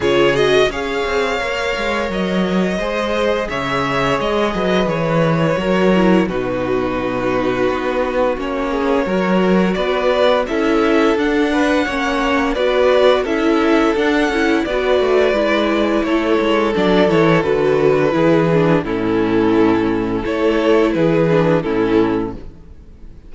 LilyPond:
<<
  \new Staff \with { instrumentName = "violin" } { \time 4/4 \tempo 4 = 86 cis''8 dis''8 f''2 dis''4~ | dis''4 e''4 dis''4 cis''4~ | cis''4 b'2. | cis''2 d''4 e''4 |
fis''2 d''4 e''4 | fis''4 d''2 cis''4 | d''8 cis''8 b'2 a'4~ | a'4 cis''4 b'4 a'4 | }
  \new Staff \with { instrumentName = "violin" } { \time 4/4 gis'4 cis''2. | c''4 cis''4. b'4. | ais'4 fis'2.~ | fis'8 gis'8 ais'4 b'4 a'4~ |
a'8 b'8 cis''4 b'4 a'4~ | a'4 b'2 a'4~ | a'2 gis'4 e'4~ | e'4 a'4 gis'4 e'4 | }
  \new Staff \with { instrumentName = "viola" } { \time 4/4 f'8 fis'8 gis'4 ais'2 | gis'1 | fis'8 e'8 dis'2. | cis'4 fis'2 e'4 |
d'4 cis'4 fis'4 e'4 | d'8 e'8 fis'4 e'2 | d'8 e'8 fis'4 e'8 d'8 cis'4~ | cis'4 e'4. d'8 cis'4 | }
  \new Staff \with { instrumentName = "cello" } { \time 4/4 cis4 cis'8 c'8 ais8 gis8 fis4 | gis4 cis4 gis8 fis8 e4 | fis4 b,2 b4 | ais4 fis4 b4 cis'4 |
d'4 ais4 b4 cis'4 | d'8 cis'8 b8 a8 gis4 a8 gis8 | fis8 e8 d4 e4 a,4~ | a,4 a4 e4 a,4 | }
>>